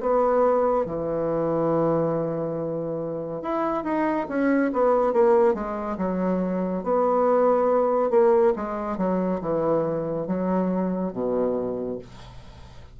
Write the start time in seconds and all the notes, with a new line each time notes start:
0.00 B3
0.86 E3
3.42 E4
3.84 D#4
4.28 C#4
4.73 B3
5.13 A#3
5.54 G#3
5.97 F#3
6.83 B3
8.10 A#3
8.56 G#3
8.97 F#3
9.41 E3
10.27 F#3
11.12 B2